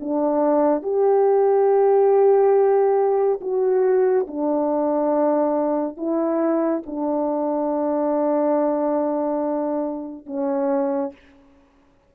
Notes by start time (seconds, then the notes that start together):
0.00 D4
0.83 G4
3.41 F#4
4.27 D4
5.97 E4
6.86 D4
10.27 C#4